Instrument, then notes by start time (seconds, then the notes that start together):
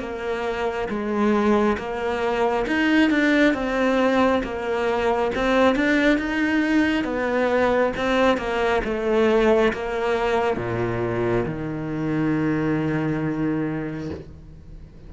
cello
0.00 A#3
0.89 G#3
1.78 A#3
2.67 D#4
3.10 D4
3.54 C4
4.43 A#3
5.35 C4
5.75 D4
6.18 D#4
7.04 B3
7.97 C4
8.37 A#3
8.84 A3
9.73 A#3
10.57 A#2
11.46 D#3